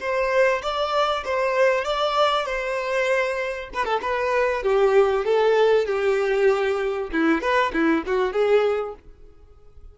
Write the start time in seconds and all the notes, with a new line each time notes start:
0.00 C5
0.62 D5
1.25 C5
1.84 D5
2.46 C5
3.74 B4
3.85 A4
4.02 B4
4.63 G4
5.25 A4
5.86 G4
7.12 E4
7.41 B4
7.73 E4
8.06 F#4
8.33 G#4